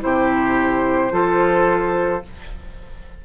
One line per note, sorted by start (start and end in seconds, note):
0.00 1.11 C3
0.00 1.11 E4
0.00 1.12 G4
0.00 2.25 C5
1.11 2.22 F3
1.11 2.22 F4
1.11 2.23 A4